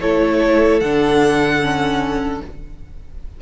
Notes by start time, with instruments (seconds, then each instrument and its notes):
0.00 cello A3, viola E4, violin A4 C#5
0.80 cello D3, viola D4, violin F#5
1.61 viola C#4